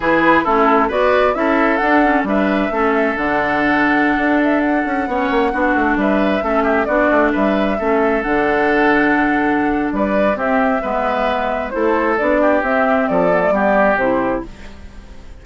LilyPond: <<
  \new Staff \with { instrumentName = "flute" } { \time 4/4 \tempo 4 = 133 b'4 a'4 d''4 e''4 | fis''4 e''2 fis''4~ | fis''4.~ fis''16 e''8 fis''4.~ fis''16~ | fis''4~ fis''16 e''2 d''8.~ |
d''16 e''2 fis''4.~ fis''16~ | fis''2 d''4 e''4~ | e''2 c''4 d''4 | e''4 d''2 c''4 | }
  \new Staff \with { instrumentName = "oboe" } { \time 4/4 gis'4 e'4 b'4 a'4~ | a'4 b'4 a'2~ | a'2.~ a'16 cis''8.~ | cis''16 fis'4 b'4 a'8 g'8 fis'8.~ |
fis'16 b'4 a'2~ a'8.~ | a'2 b'4 g'4 | b'2 a'4. g'8~ | g'4 a'4 g'2 | }
  \new Staff \with { instrumentName = "clarinet" } { \time 4/4 e'4 cis'4 fis'4 e'4 | d'8 cis'8 d'4 cis'4 d'4~ | d'2.~ d'16 cis'8.~ | cis'16 d'2 cis'4 d'8.~ |
d'4~ d'16 cis'4 d'4.~ d'16~ | d'2. c'4 | b2 e'4 d'4 | c'4. b16 a16 b4 e'4 | }
  \new Staff \with { instrumentName = "bassoon" } { \time 4/4 e4 a4 b4 cis'4 | d'4 g4 a4 d4~ | d4~ d16 d'4. cis'8 b8 ais16~ | ais16 b8 a8 g4 a4 b8 a16~ |
a16 g4 a4 d4.~ d16~ | d2 g4 c'4 | gis2 a4 b4 | c'4 f4 g4 c4 | }
>>